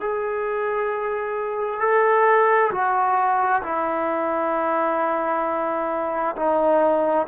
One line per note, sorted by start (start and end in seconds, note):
0.00 1.80 G#4
1.80 2.71 A4
2.71 3.62 F#4
3.62 6.35 E4
6.36 7.26 D#4